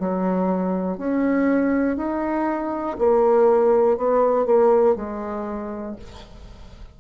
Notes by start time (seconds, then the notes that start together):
0.00 F#3
0.98 C#4
1.97 D#4
2.99 A#3
3.97 B3
4.46 A#3
4.96 G#3